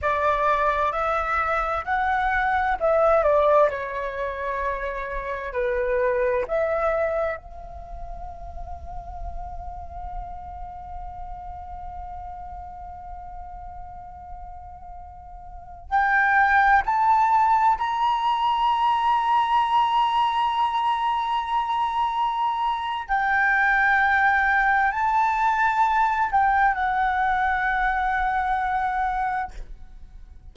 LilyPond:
\new Staff \with { instrumentName = "flute" } { \time 4/4 \tempo 4 = 65 d''4 e''4 fis''4 e''8 d''8 | cis''2 b'4 e''4 | f''1~ | f''1~ |
f''4~ f''16 g''4 a''4 ais''8.~ | ais''1~ | ais''4 g''2 a''4~ | a''8 g''8 fis''2. | }